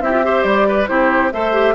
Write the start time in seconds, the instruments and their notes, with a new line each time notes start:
0.00 bassoon C4, clarinet E4, oboe G4, flute E5
0.11 clarinet F4
0.23 clarinet G4, oboe C5
0.42 bassoon G3, flute D5
0.67 oboe B4
0.87 bassoon C4, clarinet E4, oboe G4, flute C5
1.31 bassoon A3, clarinet A4, oboe C5, flute E5
1.53 clarinet G4